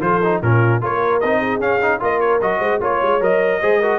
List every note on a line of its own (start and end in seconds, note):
0.00 0.40 F3
0.00 0.21 F4
0.00 0.42 A4
0.00 0.41 C5
0.24 0.43 D#4
0.42 0.82 A#2
0.42 0.81 C#4
0.42 0.82 F4
0.42 0.82 A#4
0.81 1.22 A#3
0.81 1.21 F4
0.81 1.40 A#4
0.81 1.20 C#5
1.20 1.59 C4
1.20 1.60 D#4
1.20 1.60 D#5
1.40 2.00 G#4
1.59 1.99 C#4
1.59 1.80 C#4
1.59 2.01 F5
1.82 2.00 D#4
2.00 2.42 A#3
2.00 2.40 F4
2.00 2.59 A#4
2.00 2.20 D#5
2.20 2.40 C#5
2.41 2.60 F#3
2.41 2.81 F#4
2.41 2.81 D#5
2.59 2.80 G#3
2.59 2.79 C5
2.80 3.00 A#3
2.80 3.21 F4
2.80 3.60 C#5
2.80 3.23 C#5
3.02 3.21 G#3
3.21 3.61 F#3
3.21 3.61 A#4
3.21 3.99 D#5
3.61 3.99 G#3
3.61 3.82 G#4
3.61 3.80 C5
3.80 3.99 F#4
3.80 3.99 A#4